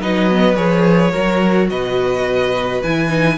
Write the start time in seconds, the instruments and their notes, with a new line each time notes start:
0.00 cello F#3, viola D#4, violin B4 D#5
0.30 viola B3
0.56 cello F3, viola G#4, violin C#5
1.12 cello F#3, viola F#4, violin A#4
1.70 cello B2, violin B4 D#5
2.83 cello E3, viola E4, violin G#5
3.09 viola D#4